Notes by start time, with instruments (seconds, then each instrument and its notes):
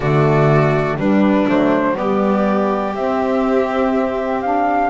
0.00 double bass D3, saxophone A3, violin F#4, flute D5
0.97 double bass G3, saxophone G3, violin D4, flute B4
1.47 double bass F#3, saxophone A3, flute C5
1.94 double bass G3, saxophone B3, violin G4, flute D5
2.94 double bass C4, saxophone C4, flute E5
4.41 saxophone D4, flute F5